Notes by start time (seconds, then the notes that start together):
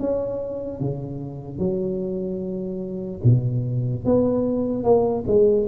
0.00 C#4
0.81 C#3
1.59 F#3
3.24 B2
4.05 B3
4.84 A#3
5.27 G#3